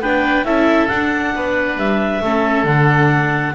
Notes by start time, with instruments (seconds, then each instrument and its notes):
0.00 double bass B3, viola D4, oboe B4, clarinet G5
0.44 double bass C#4, viola E4, oboe A4, clarinet E5
0.87 double bass D4, viola D4, clarinet F#5
1.34 double bass B3, oboe B4
1.76 double bass G3, clarinet E5
2.21 double bass A3, viola C#4, oboe A4
2.64 double bass D3, viola D4, clarinet F#5